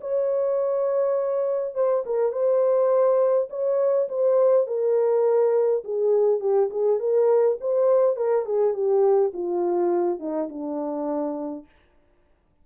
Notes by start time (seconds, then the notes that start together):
0.00 C#5
1.74 C5
2.05 A#4
2.32 C5
3.50 C#5
4.08 C5
4.67 A#4
5.84 G#4
6.40 G4
6.70 G#4
6.99 A#4
7.60 C5
8.16 A#4
8.45 G#4
8.73 G4
9.33 F4
10.19 D#4
10.49 D4